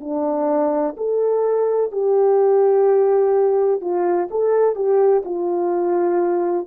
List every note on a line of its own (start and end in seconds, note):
0.00 0.95 D4
0.97 1.92 A4
1.92 3.81 G4
3.81 4.29 F4
4.31 4.75 A4
4.75 5.23 G4
5.25 6.67 F4